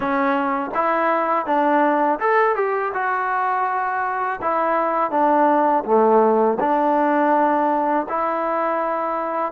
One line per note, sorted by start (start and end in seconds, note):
0.00 0.70 C#4
0.74 1.46 E4
1.46 2.19 D4
2.19 2.55 A4
2.55 2.92 G4
2.93 4.40 F#4
4.41 5.11 E4
5.11 5.84 D4
5.84 6.58 A3
6.60 8.06 D4
8.08 9.52 E4